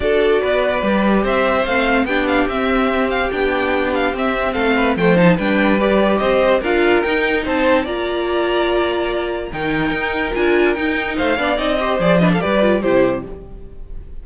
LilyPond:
<<
  \new Staff \with { instrumentName = "violin" } { \time 4/4 \tempo 4 = 145 d''2. e''4 | f''4 g''8 f''8 e''4. f''8 | g''4. f''8 e''4 f''4 | g''8 a''8 g''4 d''4 dis''4 |
f''4 g''4 a''4 ais''4~ | ais''2. g''4~ | g''4 gis''4 g''4 f''4 | dis''4 d''8 dis''16 f''16 d''4 c''4 | }
  \new Staff \with { instrumentName = "violin" } { \time 4/4 a'4 b'2 c''4~ | c''4 g'2.~ | g'2. a'8 b'8 | c''4 b'2 c''4 |
ais'2 c''4 d''4~ | d''2. ais'4~ | ais'2. c''8 d''8~ | d''8 c''4 b'16 a'16 b'4 g'4 | }
  \new Staff \with { instrumentName = "viola" } { \time 4/4 fis'2 g'2 | c'4 d'4 c'2 | d'2 c'2 | a8 dis'8 d'4 g'2 |
f'4 dis'2 f'4~ | f'2. dis'4~ | dis'4 f'4 dis'4. d'8 | dis'8 g'8 gis'8 d'8 g'8 f'8 e'4 | }
  \new Staff \with { instrumentName = "cello" } { \time 4/4 d'4 b4 g4 c'4 | a4 b4 c'2 | b2 c'4 a4 | f4 g2 c'4 |
d'4 dis'4 c'4 ais4~ | ais2. dis4 | dis'4 d'4 dis'4 a8 b8 | c'4 f4 g4 c4 | }
>>